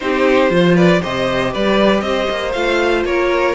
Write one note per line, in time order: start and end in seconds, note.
0.00 0.50 C4
0.00 0.49 D#4
0.00 0.53 G4
0.00 0.76 C5
0.49 1.01 F3
0.49 1.00 F4
0.49 0.75 C5
0.75 1.00 B4
0.75 1.02 D5
1.01 1.54 C3
1.01 2.54 G4
1.01 1.51 C5
1.01 1.53 D#5
1.51 2.01 G3
1.51 2.02 B4
1.51 2.00 D5
2.00 2.26 C4
2.00 3.07 C5
2.00 2.51 D#5
2.30 2.55 A#3
2.52 3.04 A3
2.52 3.55 F4
2.52 3.03 F5
3.04 3.55 A#3
3.04 3.55 A#4
3.04 3.55 C#5